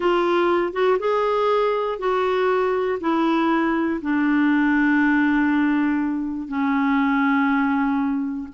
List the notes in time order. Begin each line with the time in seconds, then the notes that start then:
0.00 F4
0.72 F#4
0.99 G#4
1.98 F#4
3.00 E4
4.01 D4
6.47 C#4